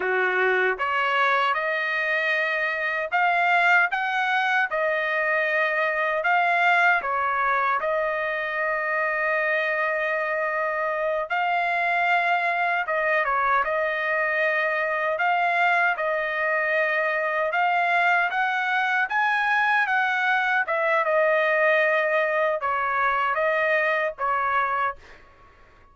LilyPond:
\new Staff \with { instrumentName = "trumpet" } { \time 4/4 \tempo 4 = 77 fis'4 cis''4 dis''2 | f''4 fis''4 dis''2 | f''4 cis''4 dis''2~ | dis''2~ dis''8 f''4.~ |
f''8 dis''8 cis''8 dis''2 f''8~ | f''8 dis''2 f''4 fis''8~ | fis''8 gis''4 fis''4 e''8 dis''4~ | dis''4 cis''4 dis''4 cis''4 | }